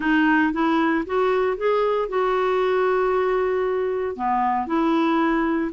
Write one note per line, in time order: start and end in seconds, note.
0.00 0.52 D#4
0.52 1.04 E4
1.06 1.57 F#4
1.57 2.08 G#4
2.08 4.16 F#4
4.16 4.66 B3
4.66 5.71 E4